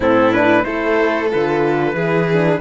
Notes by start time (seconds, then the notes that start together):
0.00 A2 C4 E4 A4
0.32 D4 B4
0.63 A3 E4 A4 C5
1.30 D3 F4 B4
1.93 E3 E4 G#4
2.32 D4